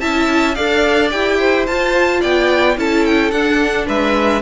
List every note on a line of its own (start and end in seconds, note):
0.00 0.58 C#4
0.00 0.57 E4
0.00 0.56 E5
0.00 0.55 A5
0.55 1.13 D4
0.55 1.11 A4
0.55 1.38 D5
0.55 1.10 F5
1.11 1.68 E4
1.11 1.66 G4
1.11 1.66 G5
1.39 2.21 C5
1.67 2.23 F4
1.67 2.77 F4
1.67 2.22 A5
2.21 2.78 B3
2.21 2.76 D5
2.21 2.78 G5
2.77 3.32 C#4
2.77 3.32 E4
2.77 3.87 A4
2.77 3.06 A5
3.06 3.31 G5
3.31 3.87 D4
3.31 4.42 D4
3.31 3.86 F#5
3.87 4.42 G#3
3.87 4.42 B4
3.87 4.42 E5